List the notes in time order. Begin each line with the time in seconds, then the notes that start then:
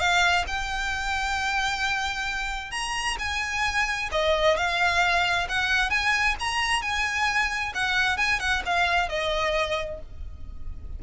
0.00 F5
0.48 G5
2.72 A#5
3.19 G#5
4.12 D#5
4.57 F5
5.49 F#5
5.90 G#5
6.40 A#5
6.82 G#5
7.75 F#5
8.18 G#5
8.40 F#5
8.66 F5
9.09 D#5